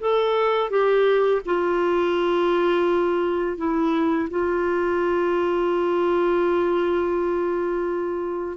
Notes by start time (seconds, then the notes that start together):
0.00 A4
0.70 G4
1.46 F4
3.57 E4
4.30 F4